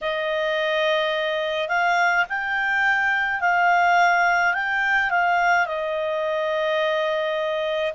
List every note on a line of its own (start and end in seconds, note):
0.01 1.68 D#5
1.68 2.25 F5
2.29 3.40 G5
3.40 4.53 F5
4.53 5.10 G5
5.10 5.66 F5
5.66 7.92 D#5